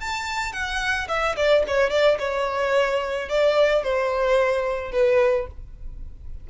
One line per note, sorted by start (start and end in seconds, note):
0.00 0.53 A5
0.53 1.08 F#5
1.08 1.36 E5
1.36 1.64 D5
1.68 1.90 C#5
1.90 2.18 D5
2.19 3.29 C#5
3.29 3.83 D5
3.83 4.92 C5
4.92 5.47 B4